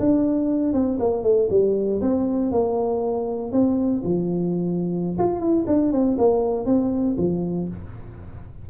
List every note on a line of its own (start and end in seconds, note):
0.00 0.74 D4
0.74 0.99 C4
1.00 1.24 A#3
1.24 1.49 A3
1.51 2.01 G3
2.01 2.52 C4
2.52 3.52 A#3
3.52 4.03 C4
4.04 5.18 F3
5.19 5.40 F4
5.40 5.65 E4
5.67 5.92 D4
5.92 6.17 C4
6.19 6.66 A#3
6.66 7.16 C4
7.18 7.68 F3